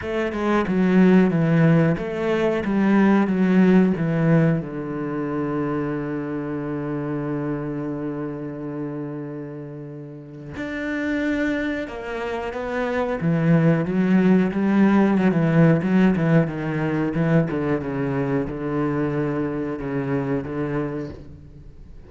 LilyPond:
\new Staff \with { instrumentName = "cello" } { \time 4/4 \tempo 4 = 91 a8 gis8 fis4 e4 a4 | g4 fis4 e4 d4~ | d1~ | d1 |
d'2 ais4 b4 | e4 fis4 g4 fis16 e8. | fis8 e8 dis4 e8 d8 cis4 | d2 cis4 d4 | }